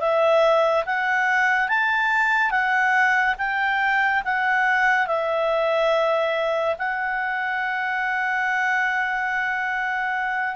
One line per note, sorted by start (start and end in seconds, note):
0.00 0.85 E5
0.86 1.69 F#5
1.69 2.51 A5
2.51 3.35 F#5
3.38 4.23 G5
4.24 5.07 F#5
5.07 6.76 E5
6.78 10.56 F#5